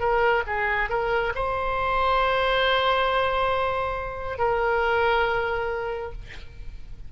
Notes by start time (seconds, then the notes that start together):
0.00 A#4
0.47 G#4
0.90 A#4
1.35 C5
4.38 A#4